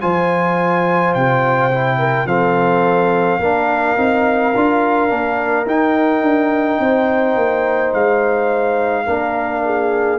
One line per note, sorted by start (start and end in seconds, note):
0.00 1.14 F3
0.00 1.71 F4
0.00 1.98 C5
0.00 1.13 G#5
1.14 2.25 C3
1.14 2.27 G5
1.71 2.26 E4
1.98 2.26 A#4
2.25 3.38 F3
2.25 3.40 C4
2.25 3.41 A4
2.25 5.66 F5
3.39 3.95 A#3
3.39 3.97 D4
3.39 6.80 A#4
3.97 4.54 C4
3.97 4.53 D#4
4.55 5.10 D4
4.55 5.09 F4
5.09 5.65 A#3
5.09 5.65 D4
5.65 6.21 D#4
5.65 9.05 D#4
5.65 7.93 G5
6.21 6.78 D4
6.79 7.35 C4
6.79 9.05 C5
7.35 7.92 A#3
7.93 9.06 G#3
7.93 10.18 F5
9.05 10.18 A#3
9.05 10.18 D4
9.05 9.62 A#4
9.64 10.18 G#4